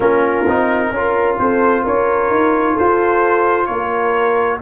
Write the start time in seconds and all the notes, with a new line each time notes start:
0.00 A#3 C#4 F4 A#4
0.47 C4 D#4
0.91 C#4 F4 A#4
1.39 C4 A4 C5
1.82 C#4 A#4 C#5
2.30 D#4
2.73 A4 C5
2.79 F4
3.66 A#3 A#4 C#5